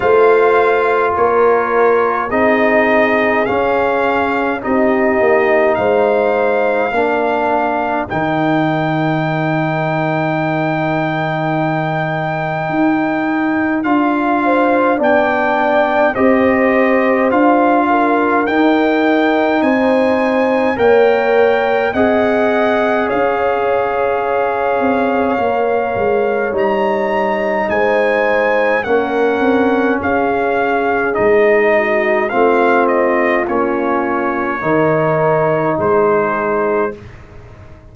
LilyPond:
<<
  \new Staff \with { instrumentName = "trumpet" } { \time 4/4 \tempo 4 = 52 f''4 cis''4 dis''4 f''4 | dis''4 f''2 g''4~ | g''1 | f''4 g''4 dis''4 f''4 |
g''4 gis''4 g''4 fis''4 | f''2. ais''4 | gis''4 fis''4 f''4 dis''4 | f''8 dis''8 cis''2 c''4 | }
  \new Staff \with { instrumentName = "horn" } { \time 4/4 c''4 ais'4 gis'2 | g'4 c''4 ais'2~ | ais'1~ | ais'8 c''8 d''4 c''4. ais'8~ |
ais'4 c''4 cis''4 dis''4 | cis''1 | c''4 ais'4 gis'4. fis'8 | f'2 ais'4 gis'4 | }
  \new Staff \with { instrumentName = "trombone" } { \time 4/4 f'2 dis'4 cis'4 | dis'2 d'4 dis'4~ | dis'1 | f'4 d'4 g'4 f'4 |
dis'2 ais'4 gis'4~ | gis'2 ais'4 dis'4~ | dis'4 cis'2 dis'4 | c'4 cis'4 dis'2 | }
  \new Staff \with { instrumentName = "tuba" } { \time 4/4 a4 ais4 c'4 cis'4 | c'8 ais8 gis4 ais4 dis4~ | dis2. dis'4 | d'4 b4 c'4 d'4 |
dis'4 c'4 ais4 c'4 | cis'4. c'8 ais8 gis8 g4 | gis4 ais8 c'8 cis'4 gis4 | a4 ais4 dis4 gis4 | }
>>